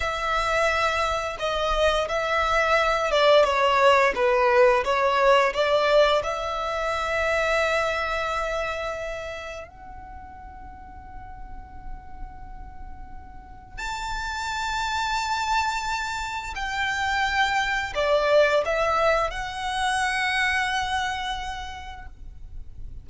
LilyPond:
\new Staff \with { instrumentName = "violin" } { \time 4/4 \tempo 4 = 87 e''2 dis''4 e''4~ | e''8 d''8 cis''4 b'4 cis''4 | d''4 e''2.~ | e''2 fis''2~ |
fis''1 | a''1 | g''2 d''4 e''4 | fis''1 | }